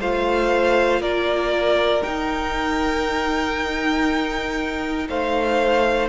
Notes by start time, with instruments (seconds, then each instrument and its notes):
0.00 cello A3, viola F4, violin C5 F5
1.00 cello A#3, violin A#4 D5
2.03 viola D#4, cello D#4, violin G5
5.08 cello A3, violin C5 F5